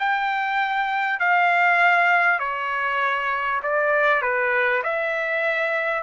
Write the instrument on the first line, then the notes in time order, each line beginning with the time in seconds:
trumpet
0.00 G5
1.20 F5
2.40 C#5
3.63 D5
4.22 B4
4.83 E5